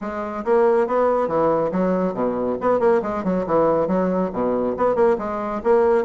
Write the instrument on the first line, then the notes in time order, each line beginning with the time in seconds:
bassoon
0.01 G#3
0.44 A#3
0.87 B3
1.28 E3
1.71 F#3
2.13 B2
2.60 B3
2.79 A#3
3.02 G#3
3.24 F#3
3.46 E3
3.87 F#3
4.32 B2
4.77 B3
4.95 A#3
5.18 G#3
5.63 A#3